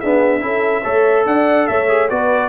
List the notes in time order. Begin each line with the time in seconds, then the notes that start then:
0.00 B3 D4 G#4 E5
0.41 C#4 E4 A4
0.83 A3 A4 C#5
1.26 D4 D5 F#5
1.67 A3 C#5 E5
1.89 G#4
2.10 B3 F#4 B4 D5